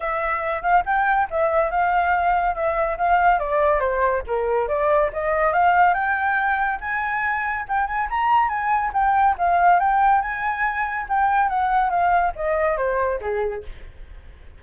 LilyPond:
\new Staff \with { instrumentName = "flute" } { \time 4/4 \tempo 4 = 141 e''4. f''8 g''4 e''4 | f''2 e''4 f''4 | d''4 c''4 ais'4 d''4 | dis''4 f''4 g''2 |
gis''2 g''8 gis''8 ais''4 | gis''4 g''4 f''4 g''4 | gis''2 g''4 fis''4 | f''4 dis''4 c''4 gis'4 | }